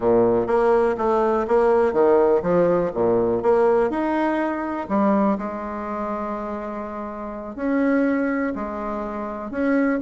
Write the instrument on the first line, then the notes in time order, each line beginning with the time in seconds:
bassoon
0.00 A#2
0.46 A#3
0.97 A3
1.47 A#3
1.92 D#3
2.42 F3
2.94 A#2
3.42 A#3
3.89 D#4
4.88 G3
5.38 G#3
7.55 C#4
8.55 G#3
9.51 C#4